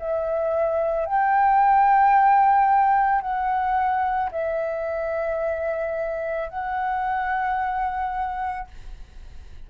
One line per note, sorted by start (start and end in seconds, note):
0.00 1.06 E5
1.06 3.22 G5
3.22 4.31 F#5
4.32 6.50 E5
6.50 8.68 F#5